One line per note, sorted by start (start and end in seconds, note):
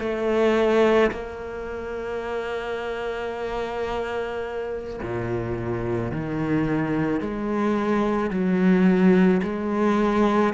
0.00 1.11 A3
1.12 5.01 A#3
5.03 6.12 A#2
6.12 7.21 D#3
7.21 8.31 G#3
8.31 9.42 F#3
9.43 10.54 G#3